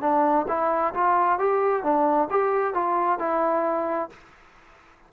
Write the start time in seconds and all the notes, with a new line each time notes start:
0.00 D4
0.48 E4
0.93 F4
1.38 G4
1.83 D4
2.30 G4
2.74 F4
3.18 E4